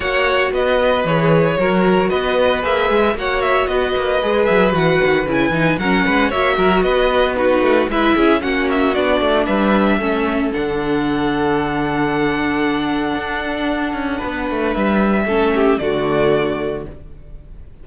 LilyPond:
<<
  \new Staff \with { instrumentName = "violin" } { \time 4/4 \tempo 4 = 114 fis''4 dis''4 cis''2 | dis''4 e''4 fis''8 e''8 dis''4~ | dis''8 e''8 fis''4 gis''4 fis''4 | e''4 dis''4 b'4 e''4 |
fis''8 e''8 d''4 e''2 | fis''1~ | fis''1 | e''2 d''2 | }
  \new Staff \with { instrumentName = "violin" } { \time 4/4 cis''4 b'2 ais'4 | b'2 cis''4 b'4~ | b'2. ais'8 b'8 | cis''8 ais'8 b'4 fis'4 b'8 gis'8 |
fis'2 b'4 a'4~ | a'1~ | a'2. b'4~ | b'4 a'8 g'8 fis'2 | }
  \new Staff \with { instrumentName = "viola" } { \time 4/4 fis'2 gis'4 fis'4~ | fis'4 gis'4 fis'2 | gis'4 fis'4 e'8 dis'8 cis'4 | fis'2 dis'4 e'4 |
cis'4 d'2 cis'4 | d'1~ | d'1~ | d'4 cis'4 a2 | }
  \new Staff \with { instrumentName = "cello" } { \time 4/4 ais4 b4 e4 fis4 | b4 ais8 gis8 ais4 b8 ais8 | gis8 fis8 e8 dis8 cis8 e8 fis8 gis8 | ais8 fis8 b4. a8 gis8 cis'8 |
ais4 b8 a8 g4 a4 | d1~ | d4 d'4. cis'8 b8 a8 | g4 a4 d2 | }
>>